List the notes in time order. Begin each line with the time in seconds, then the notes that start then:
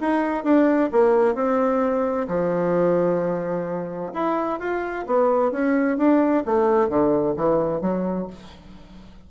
0.00 D#4
0.43 D4
0.92 A#3
1.34 C4
2.28 F3
4.13 E4
4.59 F4
5.06 B3
5.51 C#4
5.97 D4
6.45 A3
6.88 D3
7.36 E3
7.81 F#3